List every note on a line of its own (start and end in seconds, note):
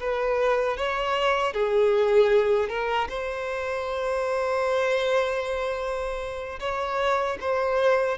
0.00 0.77 B4
0.77 1.54 C#5
1.54 2.69 G#4
2.69 3.08 A#4
3.09 6.60 C5
6.60 7.38 C#5
7.41 8.18 C5